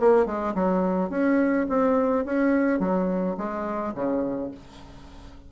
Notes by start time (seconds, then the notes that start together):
0.00 A#3
0.26 G#3
0.55 F#3
1.10 C#4
1.70 C4
2.25 C#4
2.80 F#3
3.38 G#3
3.95 C#3